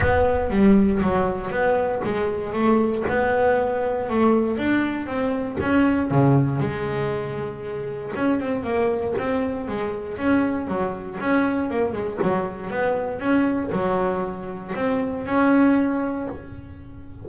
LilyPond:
\new Staff \with { instrumentName = "double bass" } { \time 4/4 \tempo 4 = 118 b4 g4 fis4 b4 | gis4 a4 b2 | a4 d'4 c'4 cis'4 | cis4 gis2. |
cis'8 c'8 ais4 c'4 gis4 | cis'4 fis4 cis'4 ais8 gis8 | fis4 b4 cis'4 fis4~ | fis4 c'4 cis'2 | }